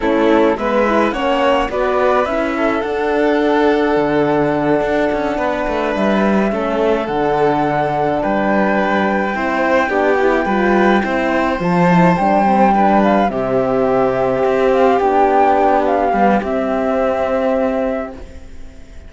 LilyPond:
<<
  \new Staff \with { instrumentName = "flute" } { \time 4/4 \tempo 4 = 106 a'4 e''4 fis''4 d''4 | e''4 fis''2.~ | fis''2~ fis''8 e''4.~ | e''8 fis''2 g''4.~ |
g''1~ | g''8 a''4 g''4. f''8 e''8~ | e''2 f''8 g''4. | f''4 e''2. | }
  \new Staff \with { instrumentName = "violin" } { \time 4/4 e'4 b'4 cis''4 b'4~ | b'8 a'2.~ a'8~ | a'4. b'2 a'8~ | a'2~ a'8 b'4.~ |
b'8 c''4 g'4 b'4 c''8~ | c''2~ c''8 b'4 g'8~ | g'1~ | g'1 | }
  \new Staff \with { instrumentName = "horn" } { \time 4/4 cis'4 b8 e'8 cis'4 fis'4 | e'4 d'2.~ | d'2.~ d'8 cis'8~ | cis'8 d'2.~ d'8~ |
d'8 e'4 d'8 e'8 f'4 e'8~ | e'8 f'8 e'8 d'8 c'8 d'4 c'8~ | c'2~ c'8 d'4.~ | d'8 b8 c'2. | }
  \new Staff \with { instrumentName = "cello" } { \time 4/4 a4 gis4 ais4 b4 | cis'4 d'2 d4~ | d8 d'8 cis'8 b8 a8 g4 a8~ | a8 d2 g4.~ |
g8 c'4 b4 g4 c'8~ | c'8 f4 g2 c8~ | c4. c'4 b4.~ | b8 g8 c'2. | }
>>